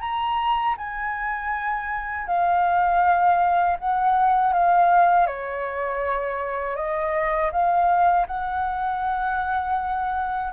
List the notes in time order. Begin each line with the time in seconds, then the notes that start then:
0.00 A#5
0.77 G#5
2.27 F5
3.78 F#5
4.52 F5
5.26 C#5
6.76 D#5
7.51 F5
8.27 F#5